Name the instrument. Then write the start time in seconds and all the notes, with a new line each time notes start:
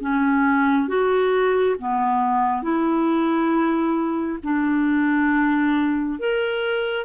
clarinet
0.00 C#4
0.87 F#4
1.78 B3
2.62 E4
4.43 D4
6.19 A#4